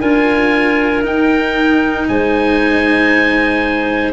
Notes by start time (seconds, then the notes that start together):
0.00 D4 F4 A#4 G#5
1.03 D#4 G5
2.08 G#3 C5 G#5